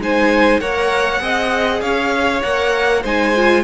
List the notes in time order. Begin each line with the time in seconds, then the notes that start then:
0.00 G#3 D#4 C5 G#5
0.60 A#3 A#4 C#5 F#5
1.20 C4 G#4 D#5
1.81 C#4 C#5 F5
2.43 A#3 A#4 F#5
3.02 G#3 D#4 C5 G#5
3.35 F4